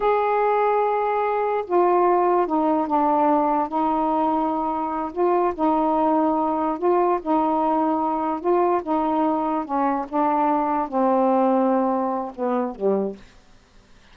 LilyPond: \new Staff \with { instrumentName = "saxophone" } { \time 4/4 \tempo 4 = 146 gis'1 | f'2 dis'4 d'4~ | d'4 dis'2.~ | dis'8 f'4 dis'2~ dis'8~ |
dis'8 f'4 dis'2~ dis'8~ | dis'8 f'4 dis'2 cis'8~ | cis'8 d'2 c'4.~ | c'2 b4 g4 | }